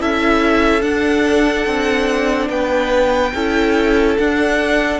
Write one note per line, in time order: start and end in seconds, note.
0.00 0.83 C#4
0.00 0.82 E4
0.00 2.50 A4
0.00 0.82 E5
0.82 3.32 D4
0.82 1.66 D4
0.82 2.49 F#5
1.66 2.50 C4
2.50 3.33 B3
2.50 3.34 B4
2.50 4.17 G5
3.34 4.18 C#4
3.34 4.19 E4
3.34 5.00 A4
4.18 5.00 D4
4.18 5.00 F#5